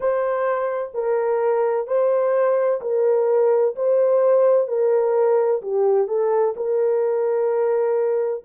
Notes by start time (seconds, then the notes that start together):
0.00 C5
0.94 A#4
1.87 C5
2.81 A#4
3.75 C5
4.67 A#4
5.62 G4
6.07 A4
6.56 A#4